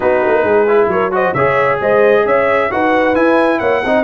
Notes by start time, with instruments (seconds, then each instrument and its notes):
0.00 tuba B3, trombone D#4, horn F#4, trumpet B4
0.27 tuba A#3
0.43 tuba G#3, horn G#4
0.67 trombone E4
0.87 tuba F#3, horn A#4, trumpet C#5
1.11 trombone F#4, horn C5, trumpet D#5
1.33 tuba C#3, trombone G#4, horn C#5, trumpet E5
1.80 tuba G#3, horn C5, trumpet D#5
2.25 tuba C#4, horn C#5, trumpet E5
2.70 tuba D#4, trombone F#4, horn B4, trumpet F#5
3.15 trombone E4, tuba E4, trumpet G#5
3.59 tuba A#3, horn C#5, trumpet F#5
3.84 tuba C4, trombone D#4, horn D#5